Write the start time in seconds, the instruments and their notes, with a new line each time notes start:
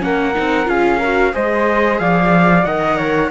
0.00 cello A#3, viola C#4, flute A#4, trumpet F#5
0.35 cello C4, viola D#4
0.66 cello C#4, viola F4, flute G#4, trumpet F5
0.99 viola F#4, flute A#4
1.33 cello G#3, viola G#4, flute C5, trumpet D#5
1.99 cello F3, flute D5, trumpet F5
2.65 cello D#3, viola A#4, flute D#5, trumpet F#5
2.97 flute C#5